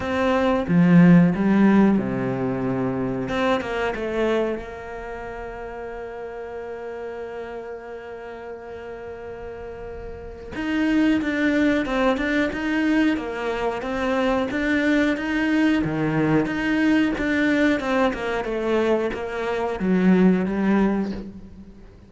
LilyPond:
\new Staff \with { instrumentName = "cello" } { \time 4/4 \tempo 4 = 91 c'4 f4 g4 c4~ | c4 c'8 ais8 a4 ais4~ | ais1~ | ais1 |
dis'4 d'4 c'8 d'8 dis'4 | ais4 c'4 d'4 dis'4 | dis4 dis'4 d'4 c'8 ais8 | a4 ais4 fis4 g4 | }